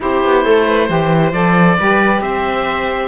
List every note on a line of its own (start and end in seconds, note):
0.00 0.24 C4
0.00 0.87 E4
0.00 0.45 G4
0.00 1.32 C5
0.24 0.45 B3
0.45 0.89 A3
0.45 0.66 A4
0.66 0.88 B4
0.87 1.32 E3
0.87 1.32 G4
0.87 1.78 C5
1.32 1.77 F3
1.32 1.77 A4
1.32 2.21 D5
1.78 2.20 G3
1.78 3.08 G4
1.78 2.21 B4
2.20 3.08 C4
2.20 3.08 C5
2.20 3.08 E5